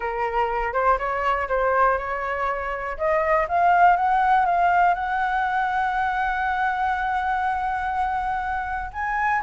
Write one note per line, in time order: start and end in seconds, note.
0.00 0.73 A#4
0.73 0.98 C5
0.98 1.48 C#5
1.48 1.98 C5
1.98 2.97 C#5
2.97 3.47 D#5
3.48 3.96 F5
3.96 4.45 F#5
4.45 4.94 F5
4.94 8.91 F#5
8.92 9.42 G#5